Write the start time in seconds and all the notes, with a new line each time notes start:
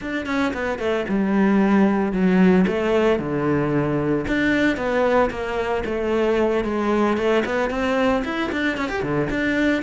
0.01 D4
0.26 C#4
0.53 B3
0.78 A3
1.08 G3
2.12 F#3
2.67 A3
3.19 D3
4.27 D4
4.76 B3
5.30 A#3
5.85 A3
6.64 G#3
7.17 A3
7.45 B3
7.70 C4
8.24 E4
8.52 D4
8.77 C#4
8.88 G4
9.02 D3
9.30 D4